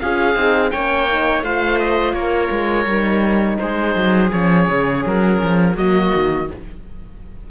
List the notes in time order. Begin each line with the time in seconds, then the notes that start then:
0.00 C#4 F4 G#4 F5
0.35 C4 D#4
0.71 A#3 C#4 C#5 G5
1.09 D#4
1.43 A3 F4 C5 F5
1.80 D#5
2.13 A#3 A#4 C#5
2.51 G#3
2.86 G3 D#4
3.59 G#3 G#4 C5
3.96 F#3
4.32 F3 C#4 C#5
4.69 C#3
5.06 F#3 A#4
5.43 F3
5.76 F#3 A#3 F#4 D#5
6.15 D#3